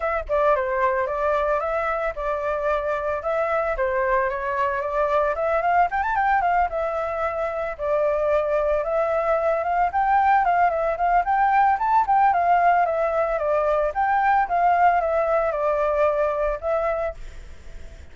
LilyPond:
\new Staff \with { instrumentName = "flute" } { \time 4/4 \tempo 4 = 112 e''8 d''8 c''4 d''4 e''4 | d''2 e''4 c''4 | cis''4 d''4 e''8 f''8 g''16 a''16 g''8 | f''8 e''2 d''4.~ |
d''8 e''4. f''8 g''4 f''8 | e''8 f''8 g''4 a''8 g''8 f''4 | e''4 d''4 g''4 f''4 | e''4 d''2 e''4 | }